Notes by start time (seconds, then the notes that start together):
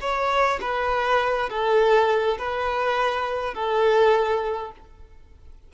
0.00 C#5
0.61 B4
1.49 A4
2.38 B4
3.54 A4